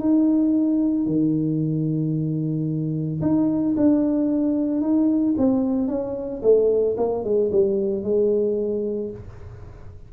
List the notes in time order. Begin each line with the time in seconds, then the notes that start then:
0.00 D#4
1.07 D#3
3.22 D#4
3.77 D4
4.82 D#4
5.38 C4
5.89 C#4
6.43 A3
6.98 A#3
7.24 G#3
7.52 G3
8.04 G#3